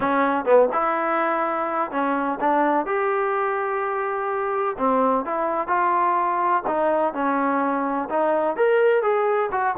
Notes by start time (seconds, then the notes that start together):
0.00 C#4
0.45 B3
0.72 E4
1.91 C#4
2.40 D4
2.86 G4
4.77 C4
5.25 E4
5.67 F4
6.67 D#4
7.13 C#4
8.09 D#4
8.56 A#4
9.02 G#4
9.51 F#4